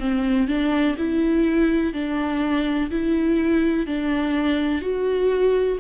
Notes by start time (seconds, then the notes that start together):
0.00 C4
0.48 D4
0.98 E4
1.94 D4
2.91 E4
3.87 D4
4.81 F#4